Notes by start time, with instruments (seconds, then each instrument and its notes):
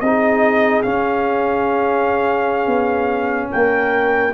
0.00 tuba C4, trombone D#4, horn G#4, trumpet D#5
0.83 trombone C#4, tuba C#4, trumpet F5
2.67 tuba B3
3.51 tuba A#3, horn A#4, trumpet G5